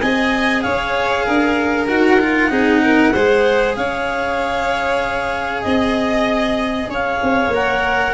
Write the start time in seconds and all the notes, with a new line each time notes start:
0.00 C4 G#4 D#5 G#5
0.62 C#4 C#5 F5
1.25 D4 A#4
1.87 D#4 F#4 F#5
2.20 F4
2.50 C4 D#4 G#4
2.83 A#4
3.13 G#3 G#4 C5
3.75 C#4 C#5 F5
5.62 C4 D#5
6.88 C#4 C#5 F5
7.22 C4
7.48 A#3 A#4
7.54 F#5